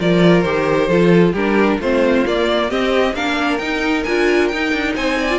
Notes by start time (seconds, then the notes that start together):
0.00 F3 F4 A#4 D5
0.42 D#3 G4 C5
0.89 F3 F4 A4
1.33 G3 D4 G4 A#4
1.80 A3 C4 F4 C5
2.27 A#3 D5
2.69 C4 G4 D#5
3.14 A#3 D4 A#4 F5
3.58 D#4 G5
4.04 D4 F4 G#5
4.48 D#4 G5
4.73 D4
4.95 C4 C5 G#5
5.21 D5
5.31 F4